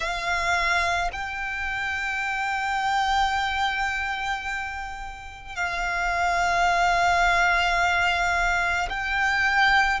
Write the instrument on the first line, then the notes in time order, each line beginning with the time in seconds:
violin
0.00 F5
1.12 G5
5.55 F5
8.89 G5